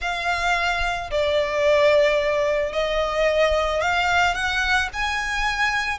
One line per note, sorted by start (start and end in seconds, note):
0.01 1.10 F5
1.10 2.72 D5
2.72 3.81 D#5
3.81 4.34 F5
4.34 4.88 F#5
4.93 5.98 G#5